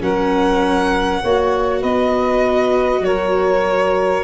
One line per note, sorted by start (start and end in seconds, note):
0.00 1.22 F#3
0.00 1.21 C#4
0.00 1.22 A#4
0.00 1.83 F#5
1.22 1.83 A#3
1.22 4.24 F#4
1.22 1.80 C#5
1.80 3.01 B3
1.80 3.01 B4
1.80 3.04 D#5
3.01 4.22 F#3
3.01 4.24 A#4
3.01 4.24 C#5